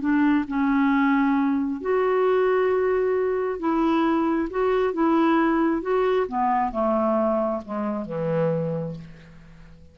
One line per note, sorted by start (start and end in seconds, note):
0.00 0.45 D4
0.48 1.81 C#4
1.81 3.59 F#4
3.59 4.49 E4
4.50 4.93 F#4
4.93 5.81 E4
5.81 6.26 F#4
6.28 6.72 B3
6.72 7.61 A3
7.65 8.05 G#3
8.05 8.95 E3